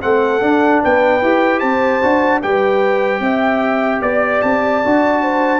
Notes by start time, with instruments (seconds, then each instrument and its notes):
0.00 tuba A3, trombone C4, horn A4, trumpet F#5
0.41 tuba D4, trombone D4
0.83 tuba B3, horn B4, trumpet G5
1.22 tuba E4, trombone G4
1.59 tuba C4, horn C5, trumpet A5
2.02 tuba D4, trombone F#4
2.41 tuba G3, trombone G4, horn B4, trumpet G5
3.20 tuba C4, horn E5
4.01 tuba B3, trumpet D5, horn D5
4.41 tuba C4, trumpet A5
4.84 tuba D4, trombone F#4
5.22 horn C5